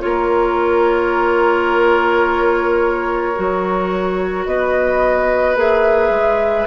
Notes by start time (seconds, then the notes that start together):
0.00 A#3 F4 A#4 C#5
3.34 F#3 F#4
4.45 B3 B4 D#5
5.56 A#3 G#4 E5
6.09 G#3